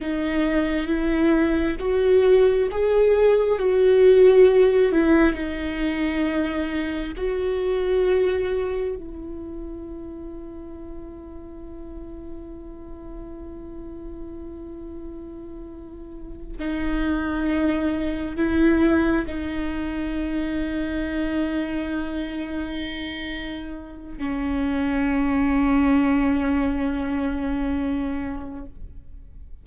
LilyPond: \new Staff \with { instrumentName = "viola" } { \time 4/4 \tempo 4 = 67 dis'4 e'4 fis'4 gis'4 | fis'4. e'8 dis'2 | fis'2 e'2~ | e'1~ |
e'2~ e'8 dis'4.~ | dis'8 e'4 dis'2~ dis'8~ | dis'2. cis'4~ | cis'1 | }